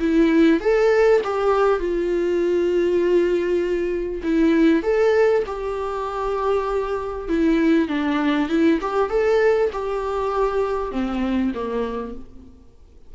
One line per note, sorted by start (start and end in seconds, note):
0.00 0.61 E4
0.61 1.21 A4
1.24 1.80 G4
1.80 4.22 F4
4.24 4.83 E4
4.83 5.44 A4
5.47 7.29 G4
7.29 7.88 E4
7.88 8.49 D4
8.49 8.80 E4
8.82 9.10 G4
9.10 9.71 A4
9.73 10.92 G4
10.92 11.53 C4
11.55 12.15 A#3